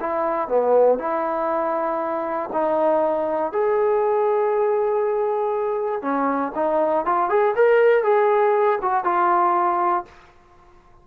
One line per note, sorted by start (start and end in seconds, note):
0.00 0.48 E4
0.48 0.98 B3
0.98 2.50 E4
2.52 3.52 D#4
3.52 6.02 G#4
6.02 6.52 C#4
6.55 7.05 D#4
7.05 7.29 F4
7.29 7.54 G#4
7.56 8.03 A#4
8.03 8.79 G#4
8.81 9.04 F#4
9.04 10.05 F4